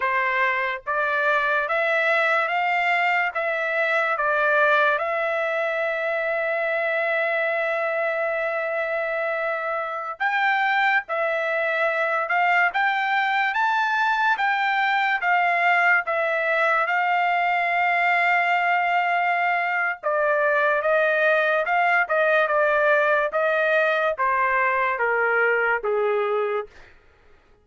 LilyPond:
\new Staff \with { instrumentName = "trumpet" } { \time 4/4 \tempo 4 = 72 c''4 d''4 e''4 f''4 | e''4 d''4 e''2~ | e''1~ | e''16 g''4 e''4. f''8 g''8.~ |
g''16 a''4 g''4 f''4 e''8.~ | e''16 f''2.~ f''8. | d''4 dis''4 f''8 dis''8 d''4 | dis''4 c''4 ais'4 gis'4 | }